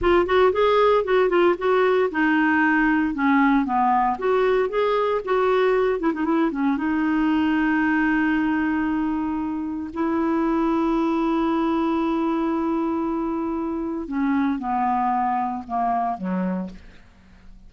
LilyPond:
\new Staff \with { instrumentName = "clarinet" } { \time 4/4 \tempo 4 = 115 f'8 fis'8 gis'4 fis'8 f'8 fis'4 | dis'2 cis'4 b4 | fis'4 gis'4 fis'4. e'16 dis'16 | e'8 cis'8 dis'2.~ |
dis'2. e'4~ | e'1~ | e'2. cis'4 | b2 ais4 fis4 | }